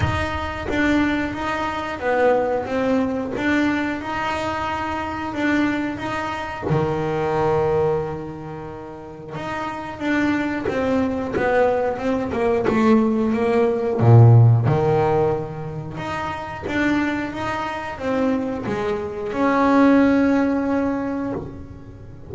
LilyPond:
\new Staff \with { instrumentName = "double bass" } { \time 4/4 \tempo 4 = 90 dis'4 d'4 dis'4 b4 | c'4 d'4 dis'2 | d'4 dis'4 dis2~ | dis2 dis'4 d'4 |
c'4 b4 c'8 ais8 a4 | ais4 ais,4 dis2 | dis'4 d'4 dis'4 c'4 | gis4 cis'2. | }